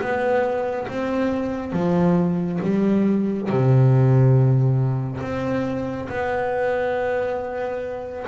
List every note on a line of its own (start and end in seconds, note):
0.00 0.87 B3
0.88 1.72 C4
1.72 2.59 F3
2.62 3.49 G3
3.49 5.21 C3
5.21 6.08 C4
6.09 8.26 B3